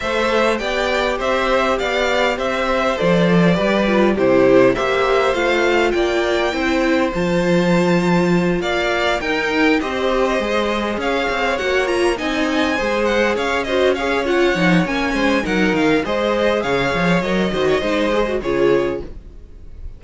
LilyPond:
<<
  \new Staff \with { instrumentName = "violin" } { \time 4/4 \tempo 4 = 101 e''4 g''4 e''4 f''4 | e''4 d''2 c''4 | e''4 f''4 g''2 | a''2~ a''8 f''4 g''8~ |
g''8 dis''2 f''4 fis''8 | ais''8 gis''4. fis''8 f''8 dis''8 f''8 | fis''4 gis''4 fis''8 f''8 dis''4 | f''4 dis''2 cis''4 | }
  \new Staff \with { instrumentName = "violin" } { \time 4/4 c''4 d''4 c''4 d''4 | c''2 b'4 g'4 | c''2 d''4 c''4~ | c''2~ c''8 d''4 ais'8~ |
ais'8 c''2 cis''4.~ | cis''8 dis''4 c''4 cis''8 c''8 cis''8~ | cis''4. c''8 ais'4 c''4 | cis''4. c''16 cis''16 c''4 gis'4 | }
  \new Staff \with { instrumentName = "viola" } { \time 4/4 a'4 g'2.~ | g'4 a'4 g'8 f'8 e'4 | g'4 f'2 e'4 | f'2.~ f'8 dis'8~ |
dis'8 g'4 gis'2 fis'8 | f'8 dis'4 gis'4. fis'8 gis'8 | f'8 dis'8 cis'4 dis'4 gis'4~ | gis'4 ais'8 fis'8 dis'8 gis'16 fis'16 f'4 | }
  \new Staff \with { instrumentName = "cello" } { \time 4/4 a4 b4 c'4 b4 | c'4 f4 g4 c4 | ais4 a4 ais4 c'4 | f2~ f8 ais4 dis'8~ |
dis'8 c'4 gis4 cis'8 c'8 ais8~ | ais8 c'4 gis4 cis'4.~ | cis'8 f8 ais8 gis8 fis8 dis8 gis4 | cis8 f8 fis8 dis8 gis4 cis4 | }
>>